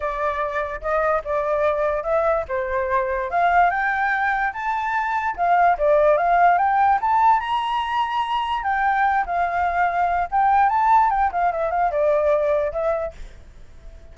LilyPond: \new Staff \with { instrumentName = "flute" } { \time 4/4 \tempo 4 = 146 d''2 dis''4 d''4~ | d''4 e''4 c''2 | f''4 g''2 a''4~ | a''4 f''4 d''4 f''4 |
g''4 a''4 ais''2~ | ais''4 g''4. f''4.~ | f''4 g''4 a''4 g''8 f''8 | e''8 f''8 d''2 e''4 | }